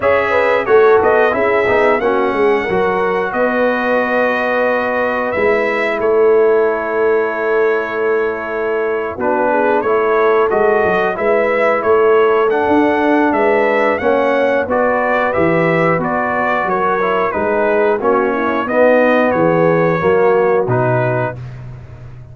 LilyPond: <<
  \new Staff \with { instrumentName = "trumpet" } { \time 4/4 \tempo 4 = 90 e''4 cis''8 dis''8 e''4 fis''4~ | fis''4 dis''2. | e''4 cis''2.~ | cis''4.~ cis''16 b'4 cis''4 dis''16~ |
dis''8. e''4 cis''4 fis''4~ fis''16 | e''4 fis''4 d''4 e''4 | d''4 cis''4 b'4 cis''4 | dis''4 cis''2 b'4 | }
  \new Staff \with { instrumentName = "horn" } { \time 4/4 cis''8 b'8 a'4 gis'4 fis'8 gis'8 | ais'4 b'2.~ | b'4 a'2.~ | a'4.~ a'16 fis'8 gis'8 a'4~ a'16~ |
a'8. b'4 a'2~ a'16 | b'4 cis''4 b'2~ | b'4 ais'4 gis'4 fis'8 e'8 | dis'4 gis'4 fis'2 | }
  \new Staff \with { instrumentName = "trombone" } { \time 4/4 gis'4 fis'4 e'8 dis'8 cis'4 | fis'1 | e'1~ | e'4.~ e'16 d'4 e'4 fis'16~ |
fis'8. e'2 d'4~ d'16~ | d'4 cis'4 fis'4 g'4 | fis'4. e'8 dis'4 cis'4 | b2 ais4 dis'4 | }
  \new Staff \with { instrumentName = "tuba" } { \time 4/4 cis'4 a8 b8 cis'8 b8 ais8 gis8 | fis4 b2. | gis4 a2.~ | a4.~ a16 b4 a4 gis16~ |
gis16 fis8 gis4 a4~ a16 d'4 | gis4 ais4 b4 e4 | b4 fis4 gis4 ais4 | b4 e4 fis4 b,4 | }
>>